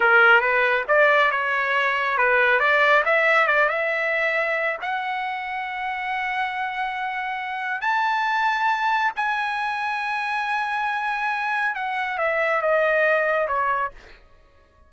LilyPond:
\new Staff \with { instrumentName = "trumpet" } { \time 4/4 \tempo 4 = 138 ais'4 b'4 d''4 cis''4~ | cis''4 b'4 d''4 e''4 | d''8 e''2~ e''8 fis''4~ | fis''1~ |
fis''2 a''2~ | a''4 gis''2.~ | gis''2. fis''4 | e''4 dis''2 cis''4 | }